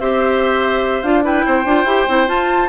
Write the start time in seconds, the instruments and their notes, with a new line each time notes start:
0.00 bassoon C4, clarinet G4, oboe C5, flute E5
1.03 bassoon D4, clarinet F4, flute F5
1.23 clarinet E4, oboe B4, flute G5
1.46 bassoon C4, oboe C5
1.66 bassoon D4, clarinet F4
1.85 bassoon E4, clarinet G4
2.09 bassoon C4, clarinet E4
2.27 clarinet F4, bassoon F4, flute A5